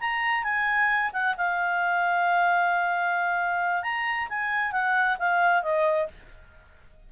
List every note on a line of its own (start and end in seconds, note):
0.00 0.43 A#5
0.43 1.11 G#5
1.13 1.35 F#5
1.37 3.83 F5
3.83 4.28 A#5
4.29 4.72 G#5
4.72 5.17 F#5
5.19 5.63 F5
5.63 6.08 D#5